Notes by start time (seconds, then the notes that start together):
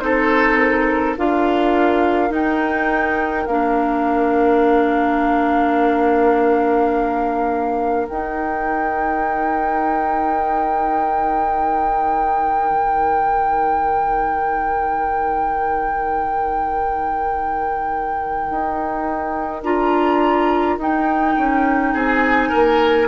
0.00 C4 D#4 A4 C5
0.57 A#4
1.18 D4 F4 A#4 F5
2.29 D#4 G5
3.47 A#3 D4 F5
8.09 D#4 G5
12.71 D#3
18.51 D#4
19.63 D4 F4 A#5
20.78 D#4 G5
21.38 C#4
21.94 C4 G#4 G#5
22.49 A#3 A#4